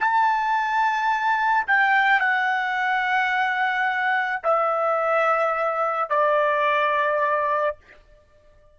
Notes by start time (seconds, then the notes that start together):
0.00 A5
1.67 G5
2.20 F#5
4.43 E5
6.10 D5